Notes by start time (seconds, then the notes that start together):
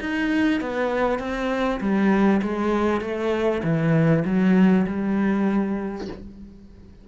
0.00 D#4
0.60 B3
1.19 C4
1.80 G3
2.42 G#3
3.01 A3
3.63 E3
4.25 F#3
4.86 G3